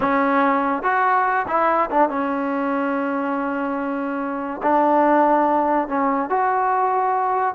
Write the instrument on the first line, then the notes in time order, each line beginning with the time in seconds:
trombone
0.00 C#4
0.83 F#4
1.47 E4
1.90 D4
2.09 C#4
4.62 D4
5.88 C#4
6.29 F#4